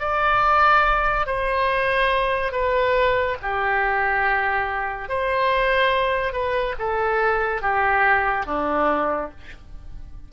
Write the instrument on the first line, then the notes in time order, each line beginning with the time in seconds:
oboe
0.00 D5
1.27 C5
2.52 B4
3.43 G4
5.09 C5
6.33 B4
6.80 A4
7.62 G4
8.47 D4